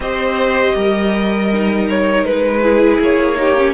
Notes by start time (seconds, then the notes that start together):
0.00 C4 G4 C5 D#5
0.74 G3 A#4
1.52 D#4
1.89 C#5
2.23 G#3 B4
2.62 E4 G#4
2.99 A#3 C#5
3.36 D#4 G4
3.57 C#4